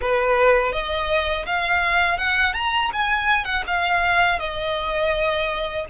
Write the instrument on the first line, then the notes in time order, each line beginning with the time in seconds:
violin
0.01 B4
0.72 D#5
1.46 F5
2.18 F#5
2.53 A#5
2.93 G#5
3.45 F#5
3.67 F5
4.39 D#5